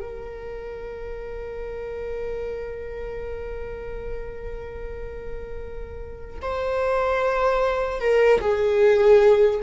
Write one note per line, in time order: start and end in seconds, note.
0.00 6.40 A#4
6.41 8.00 C5
8.00 8.40 A#4
8.40 9.60 G#4